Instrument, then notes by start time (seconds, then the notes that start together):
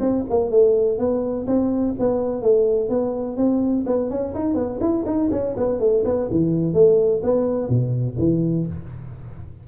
tuba
0.00 C4
0.30 A#3
0.51 A3
0.98 B3
1.47 C4
1.99 B3
2.42 A3
2.90 B3
3.37 C4
3.87 B3
4.10 C#4
4.35 D#4
4.55 B3
4.80 E4
5.06 D#4
5.32 C#4
5.57 B3
5.80 A3
6.05 B3
6.31 E3
6.74 A3
7.23 B3
7.69 B2
8.19 E3